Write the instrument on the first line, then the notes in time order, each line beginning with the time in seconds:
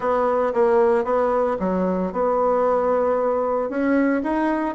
bassoon
0.00 B3
0.53 A#3
1.04 B3
1.59 F#3
2.12 B3
3.69 C#4
4.23 D#4